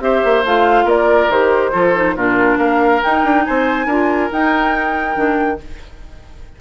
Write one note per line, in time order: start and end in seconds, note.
0.00 0.21 C4
0.00 0.43 G4
0.00 0.85 C5
0.00 0.44 E5
0.24 0.44 A#3
0.44 0.85 A3
0.44 1.31 F4
0.44 0.88 F5
0.85 1.27 A#3
0.85 1.70 A#4
0.85 1.31 D5
1.29 1.72 D#3
1.29 1.72 G4
1.29 2.16 C5
1.72 2.16 F3
1.72 1.93 F4
1.72 2.15 A4
1.94 2.16 D#4
2.15 2.57 A#2
2.15 3.03 D4
2.15 2.58 F4
2.15 2.58 A#4
2.57 3.00 A#3
2.57 3.44 A#4
2.57 3.01 F5
3.03 3.88 D#4
3.03 3.24 D#4
3.03 3.45 G5
3.24 3.46 D4
3.45 3.86 C4
3.45 3.86 C5
3.45 4.31 G#5
3.86 4.29 D4
3.86 4.30 F4
3.86 5.58 A#4
4.30 5.14 D#4
4.30 5.16 D#4
4.30 5.61 G5
5.14 5.59 D#3
5.14 5.57 D4